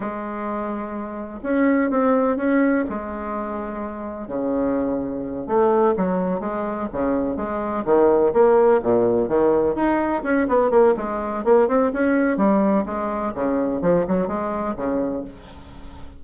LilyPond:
\new Staff \with { instrumentName = "bassoon" } { \time 4/4 \tempo 4 = 126 gis2. cis'4 | c'4 cis'4 gis2~ | gis4 cis2~ cis8 a8~ | a8 fis4 gis4 cis4 gis8~ |
gis8 dis4 ais4 ais,4 dis8~ | dis8 dis'4 cis'8 b8 ais8 gis4 | ais8 c'8 cis'4 g4 gis4 | cis4 f8 fis8 gis4 cis4 | }